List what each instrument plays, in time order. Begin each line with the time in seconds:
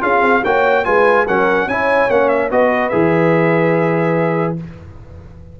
0.00 tuba C#4, trombone F4, horn G#4, trumpet F5
0.22 tuba C4
0.43 tuba A#3, trombone F#4, horn C#5, trumpet G5
0.84 tuba G#3, trombone F4, horn B4, trumpet G#5
1.26 tuba F#3, trombone C#4, horn A#4, trumpet F#5
1.66 tuba C#4, trombone E4, horn C#5, trumpet G#5
2.09 tuba A#3, trombone C#4, trumpet F#5
2.28 trumpet E5
2.50 tuba B3, trombone F#4, horn B4, trumpet D#5
2.89 tuba E3, trombone G#4, trumpet E5